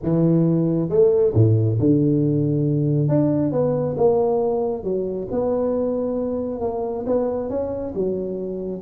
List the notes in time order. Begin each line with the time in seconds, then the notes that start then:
0.02 E3
0.89 A3
1.34 A2
1.79 D3
3.08 D4
3.52 B3
3.97 A#3
4.83 F#3
5.31 B3
6.61 A#3
7.06 B3
7.49 C#4
7.95 F#3